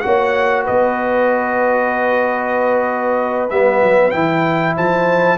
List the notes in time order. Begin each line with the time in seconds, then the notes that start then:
0.00 A#3 F#4 C#5 F#5
0.64 B3 B4 D#5
3.50 G3 B3 E5
3.83 F#3
4.11 E3 E4 G5
4.75 F3 C5 A5